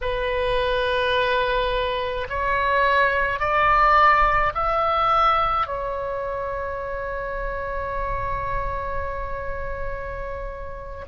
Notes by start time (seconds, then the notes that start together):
0.01 B4
2.29 C#5
3.39 D5
4.54 E5
5.67 C#5